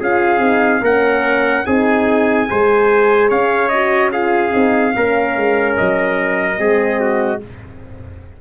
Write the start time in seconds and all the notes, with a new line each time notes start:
0.00 C#4 F4 G#4 F5
0.39 C4 D#4
0.82 A#3 C#4 A#4 F#5
1.66 C4 D#4 G#4 G#5
2.47 G#3 G#4 C5
3.29 C#4 C#5 F5
3.69 F#4 D#5
4.12 F4 G#4 F5
4.51 C4 D#4
4.96 A#3 C#4 A#4
5.37 G#3
5.77 F#3 D#5
6.57 G#3 C4 G#4
7.01 F#4